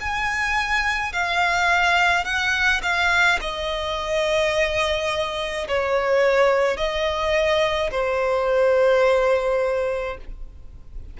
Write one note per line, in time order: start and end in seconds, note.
0.00 1.12 G#5
1.12 2.24 F5
2.24 2.81 F#5
2.82 3.39 F5
3.41 5.68 D#5
5.68 6.77 C#5
6.77 7.90 D#5
7.91 10.17 C5